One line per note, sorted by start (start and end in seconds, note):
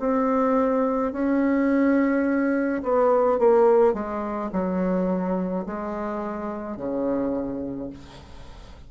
0.00 1.13 C4
1.13 2.83 C#4
2.83 3.39 B3
3.39 3.94 A#3
3.94 4.51 G#3
4.53 5.66 F#3
5.67 6.77 G#3
6.77 7.90 C#3